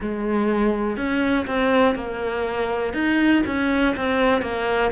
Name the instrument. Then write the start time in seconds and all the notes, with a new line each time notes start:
cello
0.00 G#3
0.96 C#4
1.47 C4
1.95 A#3
2.93 D#4
3.46 C#4
3.96 C4
4.41 A#3